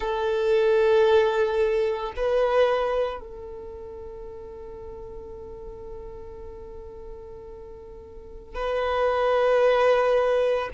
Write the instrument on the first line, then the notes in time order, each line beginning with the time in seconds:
violin
0.00 A4
2.16 B4
3.20 A4
8.55 B4